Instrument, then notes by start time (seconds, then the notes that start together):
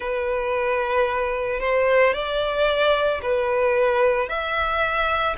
violin
0.00 B4
1.60 C5
2.13 D5
3.21 B4
4.29 E5